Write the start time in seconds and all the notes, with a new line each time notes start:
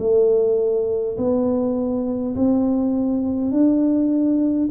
0.00 A3
1.18 B3
2.36 C4
3.52 D4